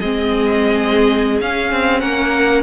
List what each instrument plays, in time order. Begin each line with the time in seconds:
0.00 cello G#3, viola C4, violin G#4 D#5
1.41 cello C#4, viola C#4, violin F5
1.72 cello C4
2.00 cello A#3, violin A#4 F#5